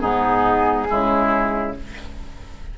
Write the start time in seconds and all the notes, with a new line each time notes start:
0.00 G#2 B3 D#4 G#4
0.88 C#3 G#3 E4